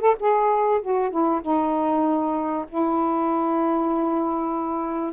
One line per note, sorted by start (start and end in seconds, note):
0.00 0.15 A4
0.19 0.81 G#4
0.82 1.10 F#4
1.10 1.41 E4
1.41 2.65 D#4
2.69 5.13 E4